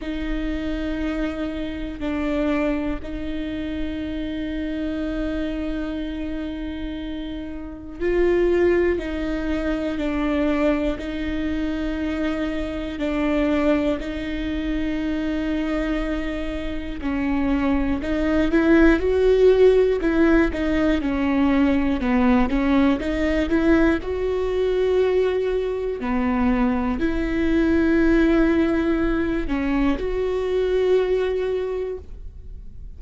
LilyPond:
\new Staff \with { instrumentName = "viola" } { \time 4/4 \tempo 4 = 60 dis'2 d'4 dis'4~ | dis'1 | f'4 dis'4 d'4 dis'4~ | dis'4 d'4 dis'2~ |
dis'4 cis'4 dis'8 e'8 fis'4 | e'8 dis'8 cis'4 b8 cis'8 dis'8 e'8 | fis'2 b4 e'4~ | e'4. cis'8 fis'2 | }